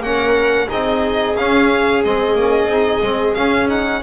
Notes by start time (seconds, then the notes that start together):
0.00 A#3 C#4 A#4 F#5
0.68 C4 D#4 G#4 D#5
1.36 C#4 F5
2.04 G#3 C4 D#5
2.35 A#3 C#4
2.67 C4 D#4
3.02 G#3 C4
3.34 C#4 F5
3.69 D#4 F#5